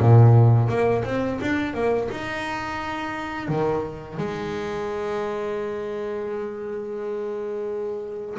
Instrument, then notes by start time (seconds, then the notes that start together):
double bass
0.00 A#2
0.69 A#3
1.05 C4
1.42 D4
1.74 A#3
2.12 D#4
3.49 D#3
4.19 G#3